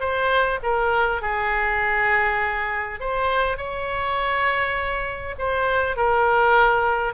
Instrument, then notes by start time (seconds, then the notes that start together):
oboe
0.00 C5
0.63 A#4
1.22 G#4
3.00 C5
3.57 C#5
5.38 C5
5.96 A#4